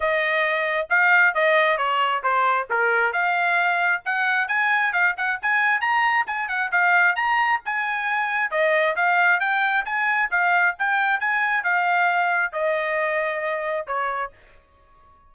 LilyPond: \new Staff \with { instrumentName = "trumpet" } { \time 4/4 \tempo 4 = 134 dis''2 f''4 dis''4 | cis''4 c''4 ais'4 f''4~ | f''4 fis''4 gis''4 f''8 fis''8 | gis''4 ais''4 gis''8 fis''8 f''4 |
ais''4 gis''2 dis''4 | f''4 g''4 gis''4 f''4 | g''4 gis''4 f''2 | dis''2. cis''4 | }